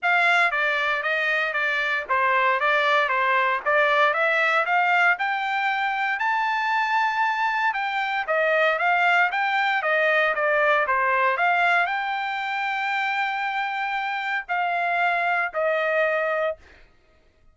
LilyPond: \new Staff \with { instrumentName = "trumpet" } { \time 4/4 \tempo 4 = 116 f''4 d''4 dis''4 d''4 | c''4 d''4 c''4 d''4 | e''4 f''4 g''2 | a''2. g''4 |
dis''4 f''4 g''4 dis''4 | d''4 c''4 f''4 g''4~ | g''1 | f''2 dis''2 | }